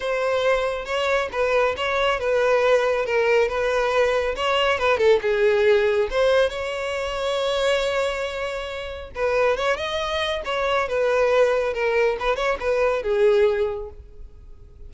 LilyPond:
\new Staff \with { instrumentName = "violin" } { \time 4/4 \tempo 4 = 138 c''2 cis''4 b'4 | cis''4 b'2 ais'4 | b'2 cis''4 b'8 a'8 | gis'2 c''4 cis''4~ |
cis''1~ | cis''4 b'4 cis''8 dis''4. | cis''4 b'2 ais'4 | b'8 cis''8 b'4 gis'2 | }